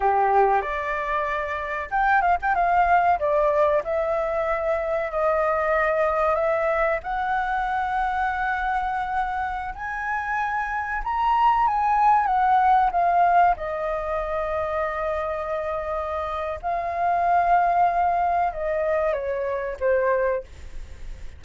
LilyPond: \new Staff \with { instrumentName = "flute" } { \time 4/4 \tempo 4 = 94 g'4 d''2 g''8 f''16 g''16 | f''4 d''4 e''2 | dis''2 e''4 fis''4~ | fis''2.~ fis''16 gis''8.~ |
gis''4~ gis''16 ais''4 gis''4 fis''8.~ | fis''16 f''4 dis''2~ dis''8.~ | dis''2 f''2~ | f''4 dis''4 cis''4 c''4 | }